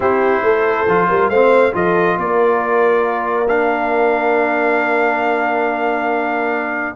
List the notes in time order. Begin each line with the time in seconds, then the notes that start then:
0.00 C4 E4 G4 C5
0.42 A3 A4
0.87 F3 F4
1.09 G3 A#4
1.29 A3 C4 C5 F5
1.72 F3 F4 A4 D#5
2.17 A#3 A#4 D5
3.48 D4 F5